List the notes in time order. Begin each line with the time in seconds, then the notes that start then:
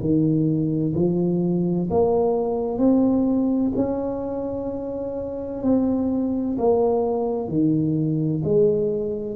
0.00 D#3
0.95 F3
1.90 A#3
2.78 C4
3.76 C#4
5.63 C4
6.58 A#3
7.48 D#3
8.44 G#3